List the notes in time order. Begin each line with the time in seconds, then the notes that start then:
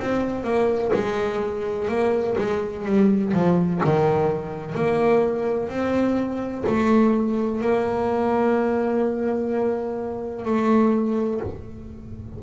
0.00 C4
0.44 A#3
0.94 G#3
1.88 A#3
2.38 G#3
2.85 G3
3.33 F3
3.84 D#3
4.75 A#3
5.69 C4
6.67 A3
7.61 A#3
10.45 A3